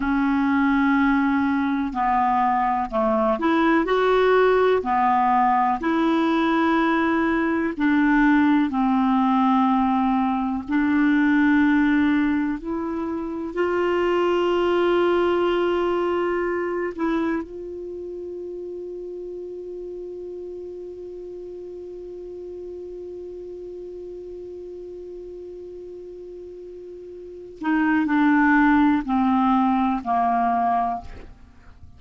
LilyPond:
\new Staff \with { instrumentName = "clarinet" } { \time 4/4 \tempo 4 = 62 cis'2 b4 a8 e'8 | fis'4 b4 e'2 | d'4 c'2 d'4~ | d'4 e'4 f'2~ |
f'4. e'8 f'2~ | f'1~ | f'1~ | f'8 dis'8 d'4 c'4 ais4 | }